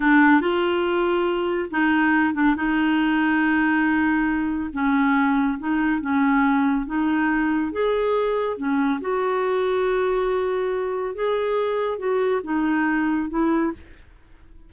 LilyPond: \new Staff \with { instrumentName = "clarinet" } { \time 4/4 \tempo 4 = 140 d'4 f'2. | dis'4. d'8 dis'2~ | dis'2. cis'4~ | cis'4 dis'4 cis'2 |
dis'2 gis'2 | cis'4 fis'2.~ | fis'2 gis'2 | fis'4 dis'2 e'4 | }